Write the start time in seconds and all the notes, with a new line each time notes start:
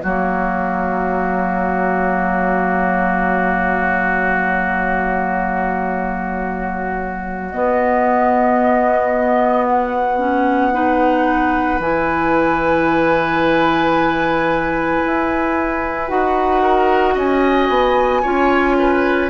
0.00 F#3 A#3 F#4 C#5
7.51 B3 D#5
9.65 F#5
10.18 C#4
10.72 D#4 B4
11.79 E3 E4 G#5
15.06 E4
16.08 D#4 F#4 F#5
16.61 A#4
17.14 C#4 D#5 G#5
17.69 B3
18.22 C#4 F4 C#5
18.78 B4